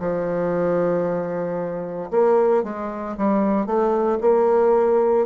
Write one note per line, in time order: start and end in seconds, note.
0.00 2.11 F3
2.11 2.64 A#3
2.64 3.16 G#3
3.18 3.66 G3
3.66 4.19 A3
4.21 5.26 A#3